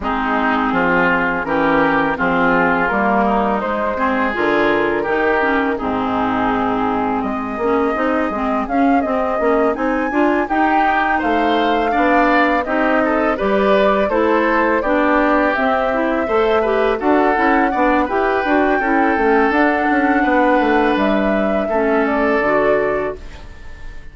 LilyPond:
<<
  \new Staff \with { instrumentName = "flute" } { \time 4/4 \tempo 4 = 83 gis'2 ais'4 gis'4 | ais'4 c''4 ais'2 | gis'2 dis''2 | f''8 dis''4 gis''4 g''4 f''8~ |
f''4. dis''4 d''4 c''8~ | c''8 d''4 e''2 fis''8~ | fis''4 g''2 fis''4~ | fis''4 e''4. d''4. | }
  \new Staff \with { instrumentName = "oboe" } { \time 4/4 dis'4 f'4 g'4 f'4~ | f'8 dis'4 gis'4. g'4 | dis'2 gis'2~ | gis'2~ gis'8 g'4 c''8~ |
c''8 d''4 g'8 a'8 b'4 a'8~ | a'8 g'2 c''8 b'8 a'8~ | a'8 d''8 b'4 a'2 | b'2 a'2 | }
  \new Staff \with { instrumentName = "clarinet" } { \time 4/4 c'2 cis'4 c'4 | ais4 gis8 c'8 f'4 dis'8 cis'8 | c'2~ c'8 cis'8 dis'8 c'8 | cis'8 c'8 cis'8 dis'8 f'8 dis'4.~ |
dis'8 d'4 dis'4 g'4 e'8~ | e'8 d'4 c'8 e'8 a'8 g'8 fis'8 | e'8 d'8 g'8 fis'8 e'8 cis'8 d'4~ | d'2 cis'4 fis'4 | }
  \new Staff \with { instrumentName = "bassoon" } { \time 4/4 gis4 f4 e4 f4 | g4 gis4 d4 dis4 | gis,2 gis8 ais8 c'8 gis8 | cis'8 c'8 ais8 c'8 d'8 dis'4 a8~ |
a8 b4 c'4 g4 a8~ | a8 b4 c'4 a4 d'8 | cis'8 b8 e'8 d'8 cis'8 a8 d'8 cis'8 | b8 a8 g4 a4 d4 | }
>>